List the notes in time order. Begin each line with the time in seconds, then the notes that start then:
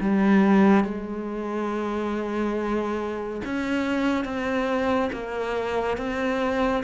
0.00 G3
0.84 G#3
3.44 C#4
4.25 C4
5.12 A#3
5.97 C4